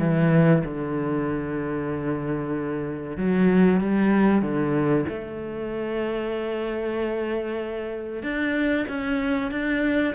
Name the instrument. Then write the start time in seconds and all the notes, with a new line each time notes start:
cello
0.00 E3
0.65 D3
3.18 F#3
3.81 G3
4.42 D3
5.09 A3
8.23 D4
8.89 C#4
9.51 D4